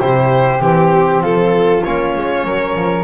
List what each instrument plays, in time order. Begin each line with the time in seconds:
0.00 double bass C3, trombone E4, flute G4, violin C5
0.60 double bass E3, trombone C4, violin G4
1.21 double bass F3, flute F4, violin A4
1.84 double bass A#3, trombone C#4, violin C#5
2.16 double bass G#3
2.44 double bass F#3, flute A#4
2.75 double bass F3